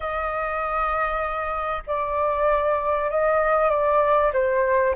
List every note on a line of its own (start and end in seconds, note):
0.00 1.82 D#5
1.86 3.10 D5
3.10 3.70 D#5
3.70 4.32 D5
4.33 4.95 C5